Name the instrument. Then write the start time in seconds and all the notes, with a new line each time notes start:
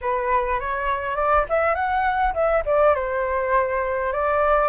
flute
0.01 B4
0.60 C#5
1.16 D5
1.49 E5
1.74 F#5
2.34 E5
2.65 D5
2.94 C5
4.12 D5